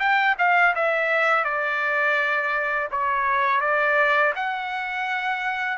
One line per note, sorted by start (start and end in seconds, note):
0.00 0.36 G5
0.39 0.75 F5
0.76 1.45 E5
1.45 2.89 D5
2.91 3.61 C#5
3.61 4.33 D5
4.36 5.78 F#5